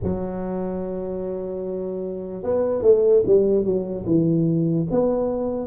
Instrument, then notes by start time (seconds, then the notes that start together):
tuba
0.03 F#3
2.43 B3
2.82 A3
3.25 G3
3.64 F#3
4.05 E3
4.91 B3